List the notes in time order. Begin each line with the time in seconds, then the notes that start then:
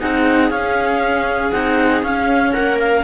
0.00 C4 D#4 G#4 F#5
0.50 C#4 F5
1.52 C4 D#4 F#5
2.03 C#4 F5
2.53 A#3 A#4 F#5
2.80 F5